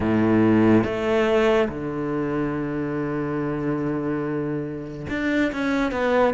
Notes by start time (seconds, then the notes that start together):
0.00 A2
0.84 A3
1.68 D3
5.09 D4
5.52 C#4
5.91 B3